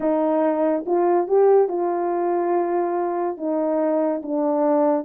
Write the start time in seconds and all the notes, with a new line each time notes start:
0.00 D#4
0.85 F4
1.27 G4
1.68 F4
3.37 D#4
4.22 D4